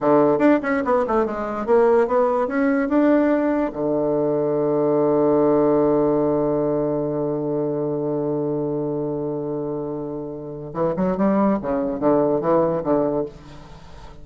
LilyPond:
\new Staff \with { instrumentName = "bassoon" } { \time 4/4 \tempo 4 = 145 d4 d'8 cis'8 b8 a8 gis4 | ais4 b4 cis'4 d'4~ | d'4 d2.~ | d1~ |
d1~ | d1~ | d2 e8 fis8 g4 | cis4 d4 e4 d4 | }